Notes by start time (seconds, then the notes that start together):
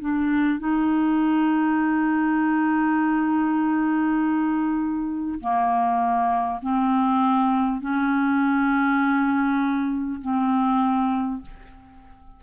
0.00 D4
0.59 D#4
5.39 A#3
6.62 C4
7.80 C#4
10.21 C4